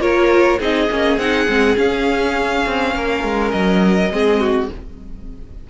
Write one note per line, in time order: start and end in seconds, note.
0.00 0.59 A#3
0.00 0.58 F4
0.00 0.59 A#4
0.00 0.59 C#5
0.59 0.89 C4
0.59 0.89 D#4
0.59 2.92 G#4
0.59 1.18 D#5
0.90 1.18 A#3
0.90 1.19 C#4
1.18 1.47 C4
1.18 1.47 D#4
1.18 1.76 F#5
1.47 1.77 G#3
1.47 1.76 C4
1.76 4.09 C#4
1.76 2.65 C#4
1.76 3.51 F5
2.66 2.95 C4
2.95 3.24 A#3
2.95 4.12 A#4
3.24 3.53 G#3
3.51 4.10 F#3
3.51 4.67 D#5
4.10 4.69 G#3
4.10 4.70 C4
4.10 4.40 G#4
4.40 4.69 F#4